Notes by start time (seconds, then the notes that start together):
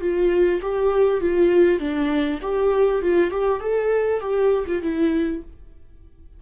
0.00 F4
0.61 G4
1.20 F4
1.79 D4
2.41 G4
3.01 F4
3.30 G4
3.60 A4
4.20 G4
4.67 F4
4.82 E4